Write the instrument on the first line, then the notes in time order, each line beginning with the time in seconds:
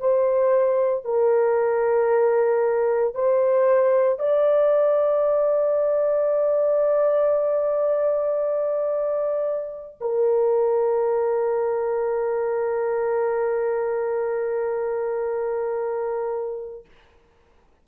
horn
0.00 C5
1.05 A#4
3.15 C5
4.20 D5
10.01 A#4